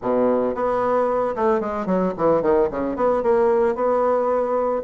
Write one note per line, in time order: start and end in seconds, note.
0.01 0.54 B2
0.54 1.35 B3
1.35 1.60 A3
1.60 1.86 G#3
1.86 2.12 F#3
2.17 2.42 E3
2.42 2.68 D#3
2.70 2.96 C#3
2.96 3.22 B3
3.23 3.75 A#3
3.75 4.82 B3